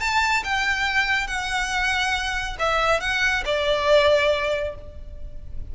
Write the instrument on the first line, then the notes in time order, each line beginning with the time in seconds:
violin
0.00 A5
0.44 G5
1.27 F#5
2.59 E5
3.00 F#5
3.45 D5